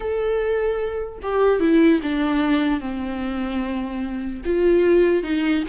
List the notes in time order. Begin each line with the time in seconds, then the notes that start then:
0.00 A4
1.22 G4
1.60 E4
2.02 D4
2.80 C4
4.45 F4
5.23 D#4